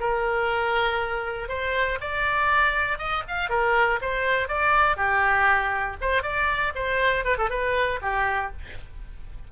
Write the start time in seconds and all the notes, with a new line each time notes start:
0.00 A#4
1.49 C5
2.01 D5
2.98 D#5
3.28 F5
3.50 A#4
4.01 C5
4.48 D5
4.97 G4
6.01 C5
6.23 D5
6.75 C5
7.25 B4
7.38 A4
7.50 B4
8.02 G4